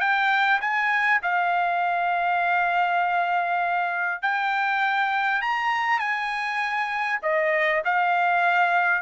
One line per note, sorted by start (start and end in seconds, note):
0.00 0.60 G5
0.61 1.21 G#5
1.22 4.22 F5
4.22 5.42 G5
5.42 5.99 A#5
5.99 7.19 G#5
7.22 7.82 D#5
7.85 9.02 F5